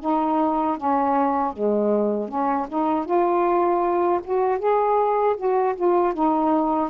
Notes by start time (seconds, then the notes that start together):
0.00 D#4
0.77 C#4
1.53 G#3
2.28 C#4
2.69 D#4
3.05 F4
4.24 F#4
4.59 G#4
5.37 F#4
5.75 F4
6.14 D#4